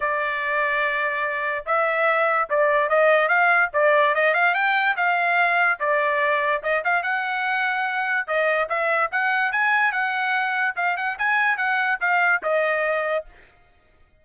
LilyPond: \new Staff \with { instrumentName = "trumpet" } { \time 4/4 \tempo 4 = 145 d''1 | e''2 d''4 dis''4 | f''4 d''4 dis''8 f''8 g''4 | f''2 d''2 |
dis''8 f''8 fis''2. | dis''4 e''4 fis''4 gis''4 | fis''2 f''8 fis''8 gis''4 | fis''4 f''4 dis''2 | }